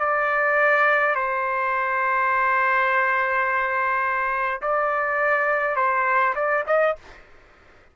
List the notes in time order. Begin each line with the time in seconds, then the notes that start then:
0.00 D5
1.15 C5
4.62 D5
5.76 C5
6.35 D5
6.67 D#5